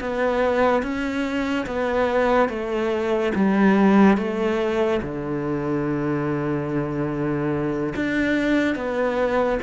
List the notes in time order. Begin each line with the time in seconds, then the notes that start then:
0.00 B3
0.82 C#4
1.66 B3
2.48 A3
3.34 G3
4.17 A3
5.02 D3
7.95 D4
8.75 B3